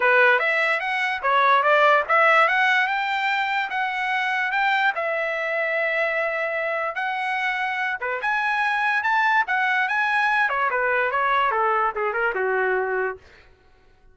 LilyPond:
\new Staff \with { instrumentName = "trumpet" } { \time 4/4 \tempo 4 = 146 b'4 e''4 fis''4 cis''4 | d''4 e''4 fis''4 g''4~ | g''4 fis''2 g''4 | e''1~ |
e''4 fis''2~ fis''8 b'8 | gis''2 a''4 fis''4 | gis''4. cis''8 b'4 cis''4 | a'4 gis'8 ais'8 fis'2 | }